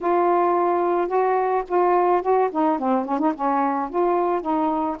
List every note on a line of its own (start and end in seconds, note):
0.00 1.07 F4
1.07 1.63 F#4
1.68 2.21 F4
2.21 2.49 F#4
2.52 2.78 D#4
2.78 3.05 C4
3.05 3.19 C#4
3.19 3.33 D#4
3.34 3.89 C#4
3.89 4.41 F4
4.41 4.96 D#4